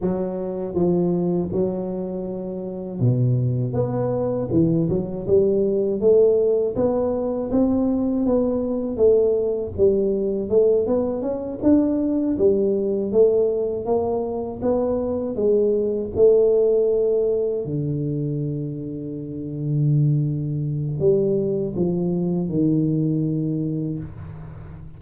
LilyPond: \new Staff \with { instrumentName = "tuba" } { \time 4/4 \tempo 4 = 80 fis4 f4 fis2 | b,4 b4 e8 fis8 g4 | a4 b4 c'4 b4 | a4 g4 a8 b8 cis'8 d'8~ |
d'8 g4 a4 ais4 b8~ | b8 gis4 a2 d8~ | d1 | g4 f4 dis2 | }